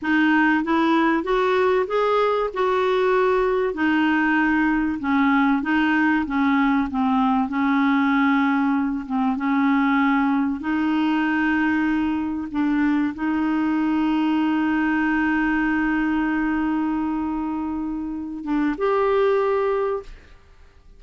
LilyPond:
\new Staff \with { instrumentName = "clarinet" } { \time 4/4 \tempo 4 = 96 dis'4 e'4 fis'4 gis'4 | fis'2 dis'2 | cis'4 dis'4 cis'4 c'4 | cis'2~ cis'8 c'8 cis'4~ |
cis'4 dis'2. | d'4 dis'2.~ | dis'1~ | dis'4. d'8 g'2 | }